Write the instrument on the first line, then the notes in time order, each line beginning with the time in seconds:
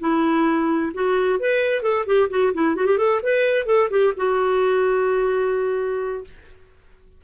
clarinet
0.00 E4
0.94 F#4
1.40 B4
1.83 A4
2.06 G4
2.30 F#4
2.54 E4
2.76 F#4
2.87 G4
2.98 A4
3.23 B4
3.66 A4
3.91 G4
4.17 F#4